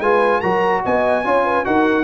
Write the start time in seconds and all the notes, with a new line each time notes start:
0.00 G#3 F4 B4 G#5
0.41 F#3 F#4 A#4 A#5
0.84 B3 D#5 G#5
1.24 C#4 F4 C#5
1.45 B4
1.65 D#4 F#4 A#4 F#5